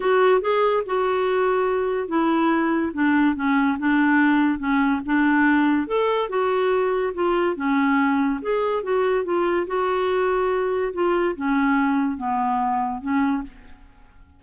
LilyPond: \new Staff \with { instrumentName = "clarinet" } { \time 4/4 \tempo 4 = 143 fis'4 gis'4 fis'2~ | fis'4 e'2 d'4 | cis'4 d'2 cis'4 | d'2 a'4 fis'4~ |
fis'4 f'4 cis'2 | gis'4 fis'4 f'4 fis'4~ | fis'2 f'4 cis'4~ | cis'4 b2 cis'4 | }